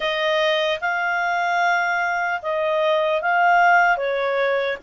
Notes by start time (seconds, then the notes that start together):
0.00 D#5
0.80 F5
2.42 D#5
3.21 F5
3.97 C#5